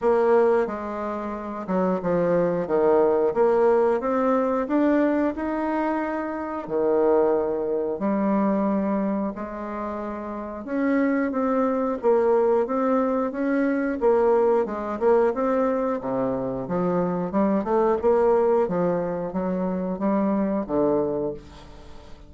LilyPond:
\new Staff \with { instrumentName = "bassoon" } { \time 4/4 \tempo 4 = 90 ais4 gis4. fis8 f4 | dis4 ais4 c'4 d'4 | dis'2 dis2 | g2 gis2 |
cis'4 c'4 ais4 c'4 | cis'4 ais4 gis8 ais8 c'4 | c4 f4 g8 a8 ais4 | f4 fis4 g4 d4 | }